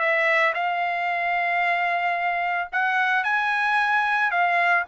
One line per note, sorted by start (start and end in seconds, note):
0.00 0.54 E5
0.55 2.69 F5
2.72 3.24 F#5
3.24 4.31 G#5
4.31 4.85 F5